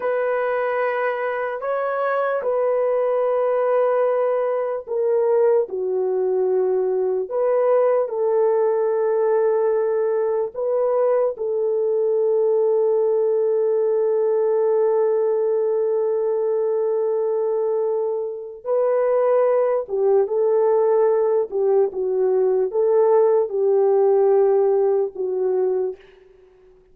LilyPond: \new Staff \with { instrumentName = "horn" } { \time 4/4 \tempo 4 = 74 b'2 cis''4 b'4~ | b'2 ais'4 fis'4~ | fis'4 b'4 a'2~ | a'4 b'4 a'2~ |
a'1~ | a'2. b'4~ | b'8 g'8 a'4. g'8 fis'4 | a'4 g'2 fis'4 | }